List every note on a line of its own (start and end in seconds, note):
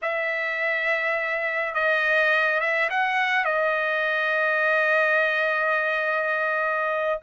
0.02 1.74 E5
1.74 2.60 D#5
2.60 2.89 E5
2.90 3.45 F#5
3.45 7.20 D#5